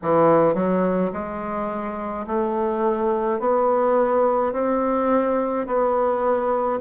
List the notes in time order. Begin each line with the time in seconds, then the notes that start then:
0.02 E3
0.54 F#3
1.12 G#3
2.26 A3
3.39 B3
4.53 C4
5.66 B3